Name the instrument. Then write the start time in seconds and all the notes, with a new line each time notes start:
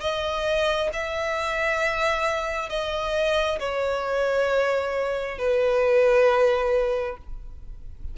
violin
0.00 D#5
0.93 E5
2.69 D#5
3.59 C#5
5.38 B4